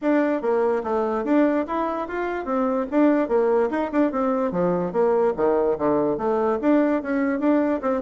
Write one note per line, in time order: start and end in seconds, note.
0.01 0.41 D4
0.41 0.82 A#3
0.83 1.24 A3
1.24 1.65 D4
1.67 2.08 E4
2.08 2.45 F4
2.45 2.86 C4
2.90 3.28 D4
3.28 3.69 A#3
3.70 3.90 D#4
3.92 4.11 D4
4.11 4.51 C4
4.51 4.92 F3
4.92 5.33 A#3
5.36 5.77 D#3
5.78 6.17 D3
6.17 6.58 A3
6.61 7.02 D4
7.02 7.39 C#4
7.39 7.80 D4
7.81 8.01 C4